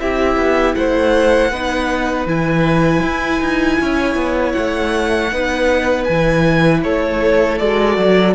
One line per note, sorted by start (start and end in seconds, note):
0.00 0.37 C4
0.00 1.52 E4
0.00 0.77 G4
0.00 0.75 E5
0.37 0.75 B3
0.75 1.51 A3
0.75 1.51 C5
0.75 2.27 F#5
1.51 2.26 B3
1.51 2.28 D#4
1.51 3.79 B4
2.26 3.02 E3
2.26 5.31 E4
2.26 4.52 G#5
3.03 3.41 E4
3.41 3.79 D#4
3.81 4.16 C#4
3.81 5.33 C#5
4.16 4.54 B3
4.52 5.32 A3
4.52 6.04 F#5
5.32 6.08 B3
5.32 6.08 D#4
5.32 6.84 B4
6.05 6.85 E3
6.05 6.81 G#5
6.11 7.62 E4
6.84 7.61 A3
6.84 8.36 A4
6.84 7.59 C#5
7.59 7.98 G#3
7.59 8.36 F#4
7.59 8.35 D5
7.98 8.36 F#3